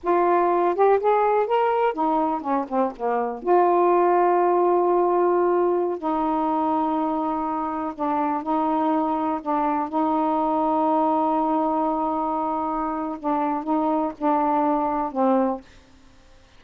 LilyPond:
\new Staff \with { instrumentName = "saxophone" } { \time 4/4 \tempo 4 = 123 f'4. g'8 gis'4 ais'4 | dis'4 cis'8 c'8 ais4 f'4~ | f'1~ | f'16 dis'2.~ dis'8.~ |
dis'16 d'4 dis'2 d'8.~ | d'16 dis'2.~ dis'8.~ | dis'2. d'4 | dis'4 d'2 c'4 | }